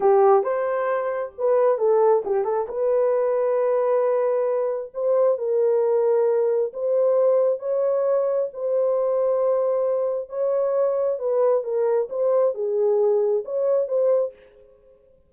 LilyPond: \new Staff \with { instrumentName = "horn" } { \time 4/4 \tempo 4 = 134 g'4 c''2 b'4 | a'4 g'8 a'8 b'2~ | b'2. c''4 | ais'2. c''4~ |
c''4 cis''2 c''4~ | c''2. cis''4~ | cis''4 b'4 ais'4 c''4 | gis'2 cis''4 c''4 | }